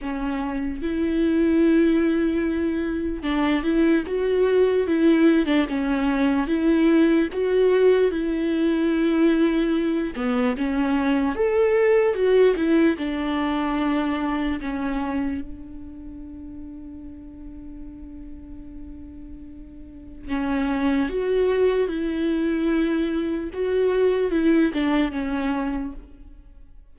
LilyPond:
\new Staff \with { instrumentName = "viola" } { \time 4/4 \tempo 4 = 74 cis'4 e'2. | d'8 e'8 fis'4 e'8. d'16 cis'4 | e'4 fis'4 e'2~ | e'8 b8 cis'4 a'4 fis'8 e'8 |
d'2 cis'4 d'4~ | d'1~ | d'4 cis'4 fis'4 e'4~ | e'4 fis'4 e'8 d'8 cis'4 | }